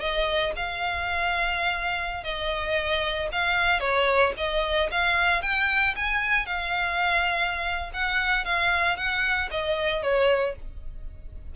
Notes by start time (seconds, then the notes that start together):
0.00 D#5
0.56 F5
2.23 D#5
3.32 F5
3.80 C#5
4.37 D#5
4.91 F5
5.42 G5
5.96 G#5
6.46 F5
7.94 F#5
8.45 F5
8.97 F#5
9.51 D#5
10.03 C#5